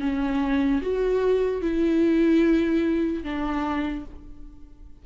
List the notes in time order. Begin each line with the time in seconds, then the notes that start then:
0.00 C#4
0.82 F#4
1.62 E4
3.24 D4